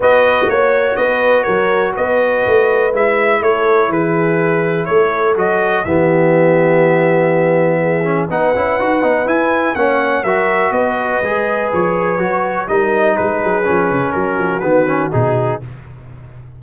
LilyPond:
<<
  \new Staff \with { instrumentName = "trumpet" } { \time 4/4 \tempo 4 = 123 dis''4 cis''4 dis''4 cis''4 | dis''2 e''4 cis''4 | b'2 cis''4 dis''4 | e''1~ |
e''4 fis''2 gis''4 | fis''4 e''4 dis''2 | cis''2 dis''4 b'4~ | b'4 ais'4 b'4 gis'4 | }
  \new Staff \with { instrumentName = "horn" } { \time 4/4 b'4 cis''4 b'4 ais'4 | b'2. a'4 | gis'2 a'2 | g'1 |
gis'4 b'2. | cis''4 ais'4 b'2~ | b'2 ais'4 gis'4~ | gis'4 fis'2. | }
  \new Staff \with { instrumentName = "trombone" } { \time 4/4 fis'1~ | fis'2 e'2~ | e'2. fis'4 | b1~ |
b8 cis'8 dis'8 e'8 fis'8 dis'8 e'4 | cis'4 fis'2 gis'4~ | gis'4 fis'4 dis'2 | cis'2 b8 cis'8 dis'4 | }
  \new Staff \with { instrumentName = "tuba" } { \time 4/4 b4 ais4 b4 fis4 | b4 a4 gis4 a4 | e2 a4 fis4 | e1~ |
e4 b8 cis'8 dis'8 b8 e'4 | ais4 fis4 b4 gis4 | f4 fis4 g4 gis8 fis8 | f8 cis8 fis8 f8 dis4 b,4 | }
>>